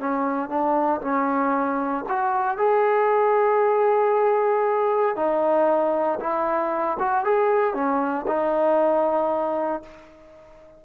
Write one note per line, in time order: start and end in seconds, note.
0.00 0.49 C#4
0.49 1.01 D4
1.02 2.05 C#4
2.09 2.58 F#4
2.58 5.16 G#4
5.16 6.20 D#4
6.20 6.98 E4
6.99 7.25 F#4
7.25 7.74 G#4
7.74 8.26 C#4
8.27 9.83 D#4